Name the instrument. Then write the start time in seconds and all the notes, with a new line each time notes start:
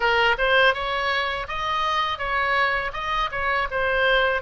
oboe
0.00 A#4
0.38 C5
0.74 C#5
1.48 D#5
2.18 C#5
2.93 D#5
3.31 C#5
3.71 C5